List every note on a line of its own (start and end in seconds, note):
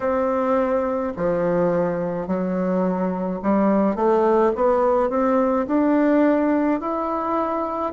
0.00 1.13 C4
1.16 2.26 F3
2.26 3.40 F#3
3.42 3.95 G3
3.95 4.52 A3
4.55 5.09 B3
5.09 5.66 C4
5.67 6.80 D4
6.80 7.92 E4